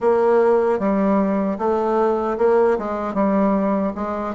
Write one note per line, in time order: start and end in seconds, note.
0.00 0.79 A#3
0.79 1.58 G3
1.58 2.37 A3
2.38 2.77 A#3
2.78 3.14 G#3
3.14 3.93 G3
3.95 4.34 G#3